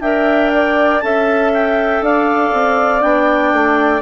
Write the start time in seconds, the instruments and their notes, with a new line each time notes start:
0.00 bassoon D4, clarinet A#4 G5, flute E5
0.53 flute D5
1.00 bassoon C#4, clarinet A4 A5, flute E5
1.53 clarinet G5
2.01 bassoon D4, flute D5, clarinet F5
2.52 bassoon C4
3.01 bassoon B3, clarinet D4 G5
3.52 bassoon A3